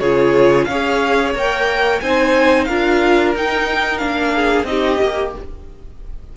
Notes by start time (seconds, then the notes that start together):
0.00 C#3 F4 G#4 C#5
0.65 C#4 C#5 F5
0.71 G#4
1.35 A#3 A#4 G5
2.01 C4 D#4 C5 G#5
2.65 D4 F4 A#4 F5
3.35 D#4 G5
3.98 A#3 D4 F5
4.34 G#4
4.64 C4 D#4 D#5
4.70 G4
5.01 A#3 G4